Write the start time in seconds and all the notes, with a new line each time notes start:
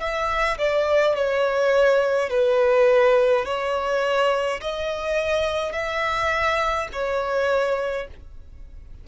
0.00 E5
0.58 D5
1.15 C#5
2.30 B4
3.45 C#5
4.60 D#5
5.73 E5
6.92 C#5